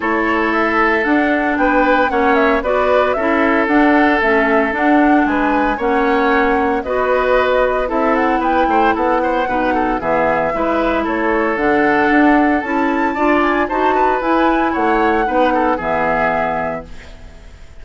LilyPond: <<
  \new Staff \with { instrumentName = "flute" } { \time 4/4 \tempo 4 = 114 cis''4 e''4 fis''4 g''4 | fis''8 e''8 d''4 e''4 fis''4 | e''4 fis''4 gis''4 fis''4~ | fis''4 dis''2 e''8 fis''8 |
g''4 fis''2 e''4~ | e''4 cis''4 fis''2 | a''4. gis''8 a''4 gis''4 | fis''2 e''2 | }
  \new Staff \with { instrumentName = "oboe" } { \time 4/4 a'2. b'4 | cis''4 b'4 a'2~ | a'2 b'4 cis''4~ | cis''4 b'2 a'4 |
b'8 c''8 a'8 c''8 b'8 a'8 gis'4 | b'4 a'2.~ | a'4 d''4 c''8 b'4. | cis''4 b'8 a'8 gis'2 | }
  \new Staff \with { instrumentName = "clarinet" } { \time 4/4 e'2 d'2 | cis'4 fis'4 e'4 d'4 | cis'4 d'2 cis'4~ | cis'4 fis'2 e'4~ |
e'2 dis'4 b4 | e'2 d'2 | e'4 f'4 fis'4 e'4~ | e'4 dis'4 b2 | }
  \new Staff \with { instrumentName = "bassoon" } { \time 4/4 a2 d'4 b4 | ais4 b4 cis'4 d'4 | a4 d'4 gis4 ais4~ | ais4 b2 c'4 |
b8 a8 b4 b,4 e4 | gis4 a4 d4 d'4 | cis'4 d'4 dis'4 e'4 | a4 b4 e2 | }
>>